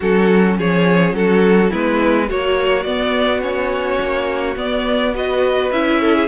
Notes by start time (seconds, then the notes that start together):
0.00 F#3 C#4 F#4 A4
0.57 F3 G#4 C#5
1.13 F#3 F#4 A4
1.70 G#3 B3 E4 B4
2.28 F#3 A#3 F#4 C#5
2.83 B3 D5
3.41 C#4 C#5
4.00 A#3
4.56 B3 D5
5.14 F#4 B4 D#5
5.71 C#4 E4 E5
6.00 A4
6.14 G#4